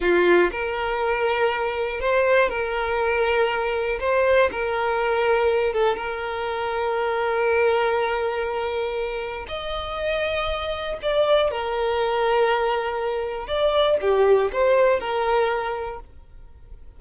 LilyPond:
\new Staff \with { instrumentName = "violin" } { \time 4/4 \tempo 4 = 120 f'4 ais'2. | c''4 ais'2. | c''4 ais'2~ ais'8 a'8 | ais'1~ |
ais'2. dis''4~ | dis''2 d''4 ais'4~ | ais'2. d''4 | g'4 c''4 ais'2 | }